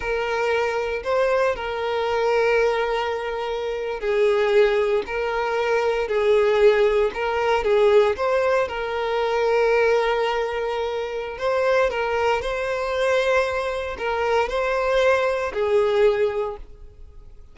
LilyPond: \new Staff \with { instrumentName = "violin" } { \time 4/4 \tempo 4 = 116 ais'2 c''4 ais'4~ | ais'2.~ ais'8. gis'16~ | gis'4.~ gis'16 ais'2 gis'16~ | gis'4.~ gis'16 ais'4 gis'4 c''16~ |
c''8. ais'2.~ ais'16~ | ais'2 c''4 ais'4 | c''2. ais'4 | c''2 gis'2 | }